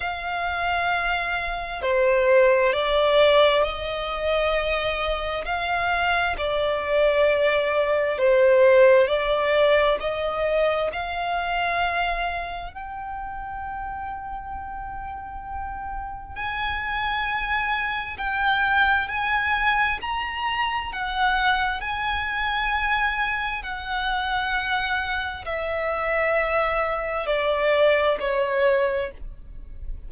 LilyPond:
\new Staff \with { instrumentName = "violin" } { \time 4/4 \tempo 4 = 66 f''2 c''4 d''4 | dis''2 f''4 d''4~ | d''4 c''4 d''4 dis''4 | f''2 g''2~ |
g''2 gis''2 | g''4 gis''4 ais''4 fis''4 | gis''2 fis''2 | e''2 d''4 cis''4 | }